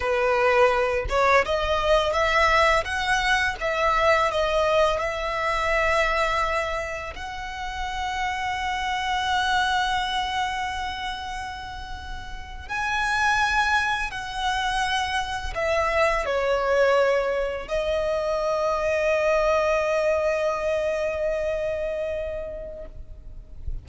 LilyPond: \new Staff \with { instrumentName = "violin" } { \time 4/4 \tempo 4 = 84 b'4. cis''8 dis''4 e''4 | fis''4 e''4 dis''4 e''4~ | e''2 fis''2~ | fis''1~ |
fis''4.~ fis''16 gis''2 fis''16~ | fis''4.~ fis''16 e''4 cis''4~ cis''16~ | cis''8. dis''2.~ dis''16~ | dis''1 | }